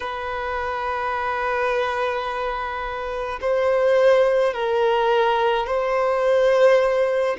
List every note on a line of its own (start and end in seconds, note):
0.00 3.39 B4
3.41 4.53 C5
4.53 5.66 A#4
5.66 7.36 C5